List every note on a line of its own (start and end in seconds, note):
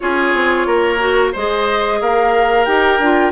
0.00 0.34 C#4
0.00 0.99 F4
0.00 0.67 G#4
0.00 1.31 C#5
0.34 0.66 C4
0.66 1.32 A#3
0.66 1.32 A#4
0.99 1.32 F#4
1.32 2.01 G#3
1.32 2.66 G#4
1.32 1.99 C5
1.32 2.01 D#5
2.01 2.66 A#3
2.01 3.32 A#4
2.01 2.65 F5
2.65 2.99 D#4
2.65 2.99 G4
2.65 3.31 G5
2.99 3.32 D4
2.99 3.32 F4